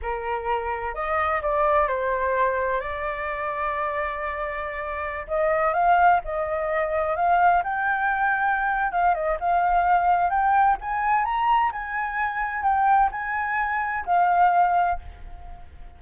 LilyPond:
\new Staff \with { instrumentName = "flute" } { \time 4/4 \tempo 4 = 128 ais'2 dis''4 d''4 | c''2 d''2~ | d''2.~ d''16 dis''8.~ | dis''16 f''4 dis''2 f''8.~ |
f''16 g''2~ g''8. f''8 dis''8 | f''2 g''4 gis''4 | ais''4 gis''2 g''4 | gis''2 f''2 | }